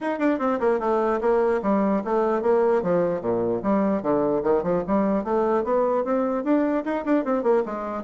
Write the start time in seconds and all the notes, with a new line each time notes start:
0.01 D#4
0.18 D4
0.39 C4
0.60 A#3
0.79 A3
1.20 A#3
1.62 G3
2.04 A3
2.42 A#3
2.82 F3
3.21 A#2
3.62 G3
4.02 D3
4.43 D#3
4.63 F3
4.87 G3
5.24 A3
5.64 B3
6.04 C4
6.44 D4
6.84 D#4
7.05 D4
7.24 C4
7.43 A#3
7.65 G#3